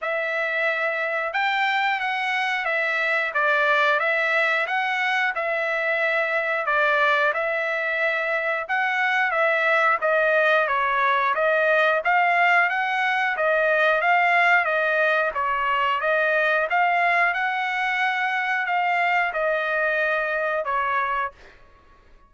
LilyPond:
\new Staff \with { instrumentName = "trumpet" } { \time 4/4 \tempo 4 = 90 e''2 g''4 fis''4 | e''4 d''4 e''4 fis''4 | e''2 d''4 e''4~ | e''4 fis''4 e''4 dis''4 |
cis''4 dis''4 f''4 fis''4 | dis''4 f''4 dis''4 cis''4 | dis''4 f''4 fis''2 | f''4 dis''2 cis''4 | }